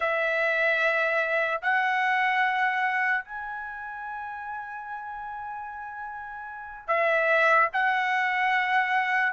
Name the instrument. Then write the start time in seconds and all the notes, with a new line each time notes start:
trumpet
0.00 E5
1.62 F#5
3.24 G#5
6.87 E5
7.72 F#5